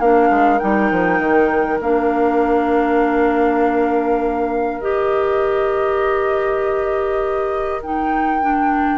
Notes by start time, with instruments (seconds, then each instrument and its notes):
0.00 bassoon A#3, clarinet D4, oboe A#4, flute F5
0.30 bassoon G#3
0.59 bassoon G3, clarinet D#4, flute G5
0.92 bassoon F3
1.20 bassoon D#3
1.80 bassoon A#3, clarinet D4, flute F5
4.79 bassoon D#3, clarinet G4, flute D#5
7.83 clarinet D#4, flute G5
8.42 clarinet D4